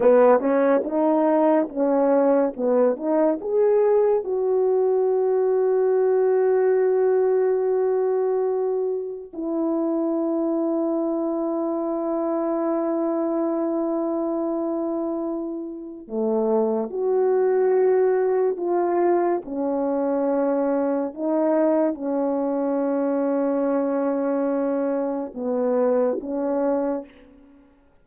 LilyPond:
\new Staff \with { instrumentName = "horn" } { \time 4/4 \tempo 4 = 71 b8 cis'8 dis'4 cis'4 b8 dis'8 | gis'4 fis'2.~ | fis'2. e'4~ | e'1~ |
e'2. a4 | fis'2 f'4 cis'4~ | cis'4 dis'4 cis'2~ | cis'2 b4 cis'4 | }